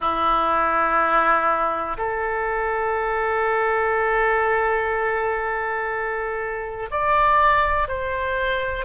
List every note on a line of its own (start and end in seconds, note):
0.00 1.97 E4
1.97 6.89 A4
6.90 7.88 D5
7.88 8.85 C5